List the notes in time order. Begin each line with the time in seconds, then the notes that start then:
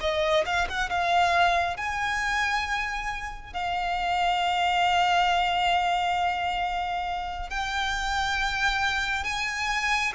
0.00 D#5
0.45 F5
0.69 F#5
0.89 F5
1.76 G#5
3.53 F5
7.50 G5
9.24 G#5